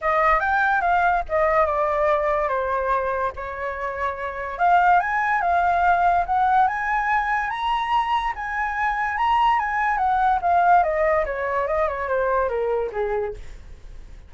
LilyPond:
\new Staff \with { instrumentName = "flute" } { \time 4/4 \tempo 4 = 144 dis''4 g''4 f''4 dis''4 | d''2 c''2 | cis''2. f''4 | gis''4 f''2 fis''4 |
gis''2 ais''2 | gis''2 ais''4 gis''4 | fis''4 f''4 dis''4 cis''4 | dis''8 cis''8 c''4 ais'4 gis'4 | }